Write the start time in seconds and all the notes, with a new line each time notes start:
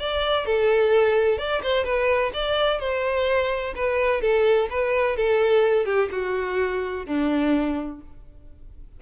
0.00 D5
0.46 A4
1.38 D5
1.63 C5
1.85 B4
2.34 D5
2.80 C5
3.75 B4
4.21 A4
4.70 B4
5.17 A4
5.86 G4
6.12 F#4
7.07 D4